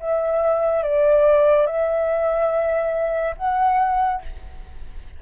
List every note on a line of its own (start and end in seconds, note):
0.00 0.83 E5
0.83 1.66 D5
1.66 3.35 E5
3.37 4.22 F#5